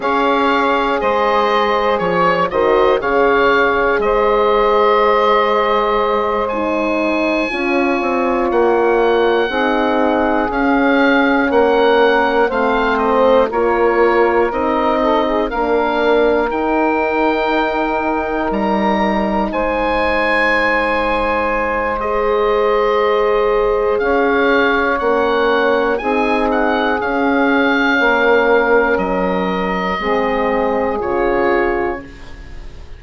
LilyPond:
<<
  \new Staff \with { instrumentName = "oboe" } { \time 4/4 \tempo 4 = 60 f''4 dis''4 cis''8 dis''8 f''4 | dis''2~ dis''8 gis''4.~ | gis''8 fis''2 f''4 fis''8~ | fis''8 f''8 dis''8 cis''4 dis''4 f''8~ |
f''8 g''2 ais''4 gis''8~ | gis''2 dis''2 | f''4 fis''4 gis''8 fis''8 f''4~ | f''4 dis''2 cis''4 | }
  \new Staff \with { instrumentName = "saxophone" } { \time 4/4 cis''4 c''4 cis''8 c''8 cis''4 | c''2.~ c''8 cis''8~ | cis''4. gis'2 ais'8~ | ais'8 c''4 ais'4. a'16 gis'16 ais'8~ |
ais'2.~ ais'8 c''8~ | c''1 | cis''2 gis'2 | ais'2 gis'2 | }
  \new Staff \with { instrumentName = "horn" } { \time 4/4 gis'2~ gis'8 fis'8 gis'4~ | gis'2~ gis'8 dis'4 f'8~ | f'4. dis'4 cis'4.~ | cis'8 c'4 f'4 dis'4 d'8~ |
d'8 dis'2.~ dis'8~ | dis'2 gis'2~ | gis'4 cis'4 dis'4 cis'4~ | cis'2 c'4 f'4 | }
  \new Staff \with { instrumentName = "bassoon" } { \time 4/4 cis'4 gis4 f8 dis8 cis4 | gis2.~ gis8 cis'8 | c'8 ais4 c'4 cis'4 ais8~ | ais8 a4 ais4 c'4 ais8~ |
ais8 dis'2 g4 gis8~ | gis1 | cis'4 ais4 c'4 cis'4 | ais4 fis4 gis4 cis4 | }
>>